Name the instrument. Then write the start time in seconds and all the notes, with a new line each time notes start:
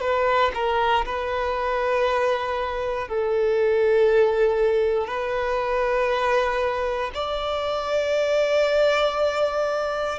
violin
0.00 B4
0.54 A#4
1.05 B4
3.08 A4
5.07 B4
7.14 D5